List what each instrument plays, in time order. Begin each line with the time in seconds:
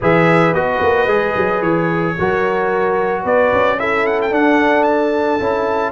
0.00 tuba E3, trombone G#4, horn B4, trumpet E5
0.53 tuba B3, trombone F#4, trumpet D#5
0.82 tuba A#3
1.06 tuba G#3, trombone G#4
1.35 tuba F#3
1.61 tuba E3, trumpet C#5
2.18 tuba F#3, trombone F#4, horn A#4
3.23 tuba B3, horn B4, trumpet D5
3.52 tuba C#4
3.78 trombone E4, horn A4, trumpet E5
4.06 trumpet F#5
4.21 trumpet G5
4.31 trombone D4, tuba D4, trumpet F#5
4.83 trumpet A5
5.40 tuba C#4, trombone E4